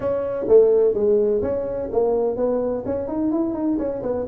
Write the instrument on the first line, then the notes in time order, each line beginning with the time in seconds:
tuba
0.00 C#4
0.47 A3
0.93 G#3
1.42 C#4
1.91 A#3
2.36 B3
2.85 C#4
3.07 D#4
3.31 E4
3.53 D#4
3.78 C#4
4.02 B3